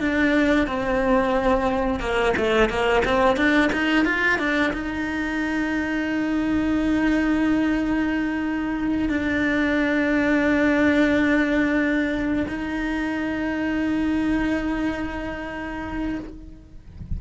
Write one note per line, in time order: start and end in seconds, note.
0.00 0.67 D4
0.67 2.00 C4
2.00 2.34 A#3
2.37 2.70 A3
2.70 3.03 A#3
3.05 3.37 C4
3.37 3.71 D4
3.73 4.05 D#4
4.05 4.39 F4
4.39 4.73 D4
4.74 9.09 D#4
9.09 12.47 D4
12.49 16.20 D#4